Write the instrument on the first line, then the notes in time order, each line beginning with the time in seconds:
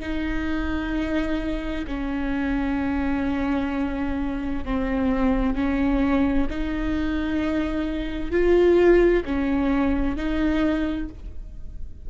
viola
0.00 D#4
1.87 C#4
4.64 C4
5.56 C#4
6.50 D#4
8.31 F4
9.25 C#4
10.17 D#4